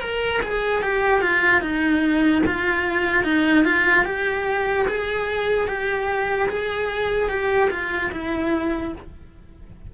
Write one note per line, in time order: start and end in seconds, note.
0.00 0.41 A#4
0.42 0.82 G#4
0.82 1.21 G4
1.21 1.61 F4
1.61 2.42 D#4
2.46 3.24 F4
3.24 3.64 D#4
3.65 4.05 F4
4.05 4.86 G4
4.88 5.67 G#4
5.67 6.48 G4
6.49 7.29 G#4
7.29 7.70 G4
7.70 8.11 F4
8.12 8.93 E4